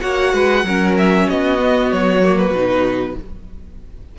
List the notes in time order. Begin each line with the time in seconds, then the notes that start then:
0.00 A#3 F#4 C#5 F#5
0.33 G#3 B4
0.64 F#3 C#4 A#4
0.97 E5
1.28 B3 F#4 D#5
1.58 B3
1.91 F#3 C#5
2.23 A#3
2.37 B4
2.51 B2 D#4